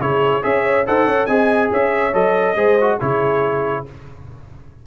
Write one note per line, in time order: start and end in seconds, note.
0.00 0.43 C#3
0.00 0.43 E4
0.00 0.45 G#4
0.00 0.43 C#5
0.43 0.87 C#4
0.43 0.85 G#4
0.43 0.87 C#5
0.43 0.86 E5
0.87 1.06 D#4
0.87 1.29 A4
0.87 1.07 C5
0.87 1.26 F#5
1.06 1.27 C#4
1.06 1.27 C#5
1.26 1.71 C4
1.26 2.13 G#4
1.26 1.70 D#5
1.26 1.69 G#5
1.71 2.14 C#4
1.71 2.56 C#5
1.71 2.15 E5
2.13 2.55 F#3
2.13 2.56 A4
2.13 3.00 D#5
2.55 2.98 G#3
2.55 2.78 G#4
2.55 2.97 C5
2.81 3.01 F#4
2.97 3.87 C#3
2.97 3.86 E4
2.97 3.83 G#4
2.97 3.86 C#5